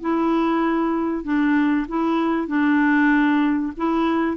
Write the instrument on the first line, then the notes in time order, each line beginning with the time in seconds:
clarinet
0.00 E4
1.24 D4
1.88 E4
2.47 D4
3.77 E4